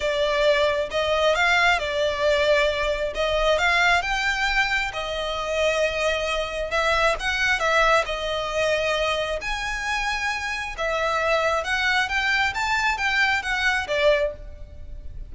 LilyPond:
\new Staff \with { instrumentName = "violin" } { \time 4/4 \tempo 4 = 134 d''2 dis''4 f''4 | d''2. dis''4 | f''4 g''2 dis''4~ | dis''2. e''4 |
fis''4 e''4 dis''2~ | dis''4 gis''2. | e''2 fis''4 g''4 | a''4 g''4 fis''4 d''4 | }